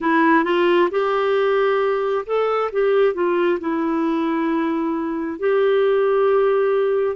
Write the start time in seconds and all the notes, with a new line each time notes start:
0.00 E4
0.44 F4
0.90 G4
2.26 A4
2.72 G4
3.13 F4
3.60 E4
5.39 G4